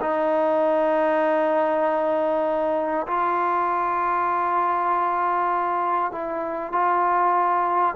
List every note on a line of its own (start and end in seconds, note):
0.00 3.06 D#4
3.06 6.11 F4
6.11 6.72 E4
6.72 7.94 F4